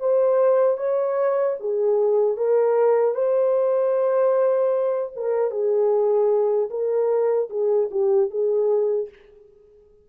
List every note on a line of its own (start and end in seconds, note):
0.00 0.78 C5
0.78 1.56 C#5
1.60 2.37 G#4
2.37 3.15 A#4
3.15 5.12 C5
5.16 5.51 A#4
5.51 6.70 G#4
6.70 7.49 A#4
7.50 7.89 G#4
7.91 8.30 G4
8.30 9.09 G#4